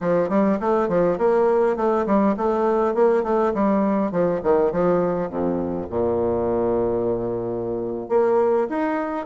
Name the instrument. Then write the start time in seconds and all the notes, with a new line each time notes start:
bassoon
0.00 F3
0.29 G3
0.60 A3
0.88 F3
1.17 A#3
1.76 A3
2.06 G3
2.37 A3
2.94 A#3
3.23 A3
3.53 G3
4.11 F3
4.43 D#3
4.72 F3
5.29 F2
5.89 A#2
8.09 A#3
8.69 D#4